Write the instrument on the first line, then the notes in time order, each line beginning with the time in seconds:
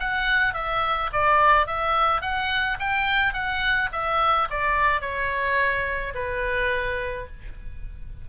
oboe
0.00 F#5
0.54 E5
1.13 D5
1.67 E5
2.21 F#5
2.79 G5
3.33 F#5
3.92 E5
4.50 D5
5.01 C#5
6.15 B4